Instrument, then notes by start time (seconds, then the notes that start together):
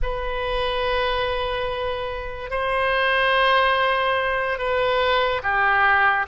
oboe
0.02 B4
2.50 C5
4.58 B4
5.42 G4